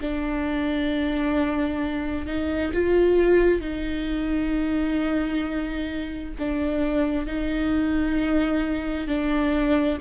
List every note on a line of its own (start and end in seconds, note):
0.00 2.26 D4
2.26 2.71 D#4
2.73 3.61 F4
3.61 6.33 D#4
6.38 7.26 D4
7.26 9.07 D#4
9.07 9.98 D4